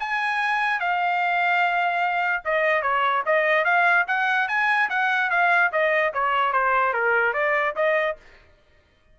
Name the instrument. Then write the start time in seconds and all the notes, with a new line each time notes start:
trumpet
0.00 G#5
0.80 F5
2.45 D#5
2.82 C#5
3.26 D#5
3.65 F5
4.07 F#5
4.48 G#5
4.89 F#5
5.30 F5
5.72 D#5
6.14 C#5
6.53 C5
6.93 A#4
7.34 D5
7.76 D#5